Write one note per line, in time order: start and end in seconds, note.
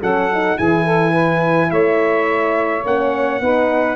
0.00 0.58 F#3
0.00 0.31 C#4
0.00 0.57 A4
0.00 0.58 F#5
0.33 0.57 D#4
0.57 1.71 E3
0.57 2.83 E4
0.57 0.84 G#4
0.57 1.71 G#5
0.84 1.11 A4
1.11 1.67 B4
1.71 2.84 A3
1.71 3.41 C#5
1.71 2.84 E5
2.85 3.41 A#3
2.85 3.41 C#4
2.85 3.96 F#5
3.41 3.96 B3
3.41 3.96 D#4
3.41 3.96 B4